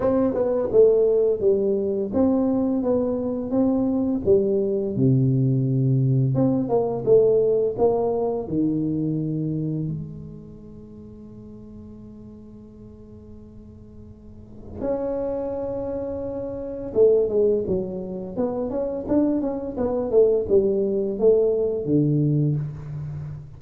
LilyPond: \new Staff \with { instrumentName = "tuba" } { \time 4/4 \tempo 4 = 85 c'8 b8 a4 g4 c'4 | b4 c'4 g4 c4~ | c4 c'8 ais8 a4 ais4 | dis2 gis2~ |
gis1~ | gis4 cis'2. | a8 gis8 fis4 b8 cis'8 d'8 cis'8 | b8 a8 g4 a4 d4 | }